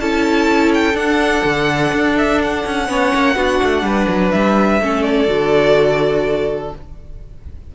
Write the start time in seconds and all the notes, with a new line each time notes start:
0.00 C#4 E4 A4 A5
0.74 G5
0.94 D4 F#5
1.45 D3
1.93 D4
2.18 E5
2.42 F#5
2.66 C#4
2.87 B3 C#4 C#5
3.15 A#3
3.36 B3 D4 F#4
3.63 A3
3.83 G3 B4
4.08 F#3
4.32 G3 E5
4.81 A3 C#4 A4
5.03 D5
5.27 D3 F#4